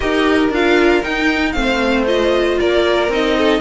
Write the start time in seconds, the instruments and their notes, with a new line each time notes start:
0.00 cello D#4, viola G4, violin A#4 D#5
0.49 cello D4, viola F4, violin F5
1.03 viola D#4, cello D#4, violin G5
1.52 cello A3, viola C4, violin F5
1.60 violin C5
2.06 viola F4, violin D#5
2.59 cello A#3, violin A#4 D5
3.08 cello C4, viola D#4, violin D#5
3.37 violin A4